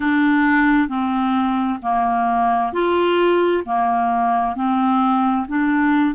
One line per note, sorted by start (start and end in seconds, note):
0.00 0.88 D4
0.88 1.79 C4
1.82 2.73 A#3
2.73 3.64 F4
3.65 4.55 A#3
4.55 5.46 C4
5.48 6.14 D4